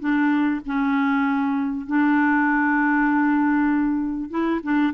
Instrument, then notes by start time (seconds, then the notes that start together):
clarinet
0.00 D4
0.66 C#4
1.86 D4
4.30 E4
4.63 D4